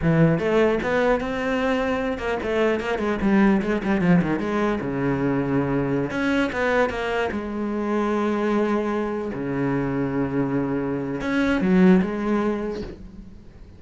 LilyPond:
\new Staff \with { instrumentName = "cello" } { \time 4/4 \tempo 4 = 150 e4 a4 b4 c'4~ | c'4. ais8 a4 ais8 gis8 | g4 gis8 g8 f8 dis8 gis4 | cis2.~ cis16 cis'8.~ |
cis'16 b4 ais4 gis4.~ gis16~ | gis2.~ gis16 cis8.~ | cis1 | cis'4 fis4 gis2 | }